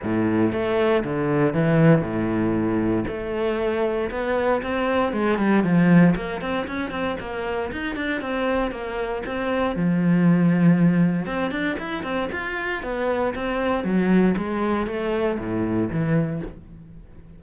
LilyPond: \new Staff \with { instrumentName = "cello" } { \time 4/4 \tempo 4 = 117 a,4 a4 d4 e4 | a,2 a2 | b4 c'4 gis8 g8 f4 | ais8 c'8 cis'8 c'8 ais4 dis'8 d'8 |
c'4 ais4 c'4 f4~ | f2 c'8 d'8 e'8 c'8 | f'4 b4 c'4 fis4 | gis4 a4 a,4 e4 | }